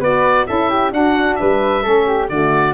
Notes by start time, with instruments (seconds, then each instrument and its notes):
0.00 tuba B3, saxophone F#4, flute B4, oboe D5
0.47 tuba C#4, saxophone E4, flute A4, oboe E5
0.70 flute G4
0.92 saxophone D4, tuba D4, flute F#4, oboe F#5
1.36 tuba G3, flute B4, oboe E5
1.83 tuba A3, saxophone C#4, flute A4
2.07 flute G4
2.29 tuba D3, saxophone A3, flute F#4, oboe D5